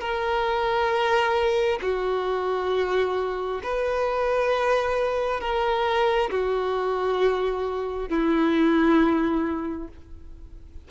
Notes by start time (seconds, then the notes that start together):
0.00 A#4
1.82 F#4
3.63 B4
5.40 A#4
6.30 F#4
8.09 E4